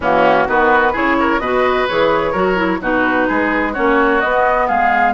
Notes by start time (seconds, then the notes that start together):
0.00 E3 A#3 C#4 F#4
0.47 D#3 B3 F#4 B4
0.92 C#3 E4 G#4 C#5
1.19 A#4
1.38 B2 F#4 B4 D#5
1.88 E3 G#4 C#5
2.31 F#3 F#4 A#4
2.56 E4
2.80 B2 D#4 F#4 B4
3.28 G#3 G#4
3.72 A#3 C#4 F#4 C#5
4.20 B3 D#5
4.67 G#3 G#4 F5